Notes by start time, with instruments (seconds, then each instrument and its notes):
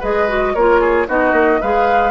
0.00 bassoon G#3, clarinet G#4, oboe B4, flute D#5
0.28 clarinet F#4
0.54 bassoon A#3, clarinet F4, oboe A#4, flute C#5
0.80 oboe G#4
1.07 bassoon B3, clarinet D#4, oboe F#4, flute D#5
1.32 bassoon A#3
1.61 bassoon G#3, clarinet G#4, oboe B4, flute F5